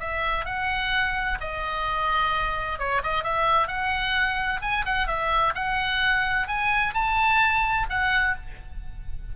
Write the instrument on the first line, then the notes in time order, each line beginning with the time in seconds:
oboe
0.00 E5
0.46 F#5
1.41 D#5
2.79 C#5
3.04 D#5
3.24 E5
3.68 F#5
4.62 G#5
4.85 F#5
5.07 E5
5.55 F#5
6.48 G#5
6.94 A5
7.90 F#5